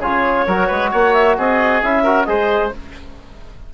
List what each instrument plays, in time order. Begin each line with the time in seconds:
0.00 bassoon C#3, trombone F4, oboe G#4, clarinet C#5
0.47 bassoon F#3, trombone F#4, oboe A#4
0.68 bassoon G#3, oboe B4
0.91 bassoon A#3, oboe C#5, clarinet F#5
1.13 clarinet E5
1.38 bassoon C4, oboe G#4, clarinet D#5
1.82 bassoon C#4, trombone E4, clarinet E5
2.04 trombone F#4, oboe A#4
2.24 bassoon G#3, trombone G#4, oboe C5, clarinet D#5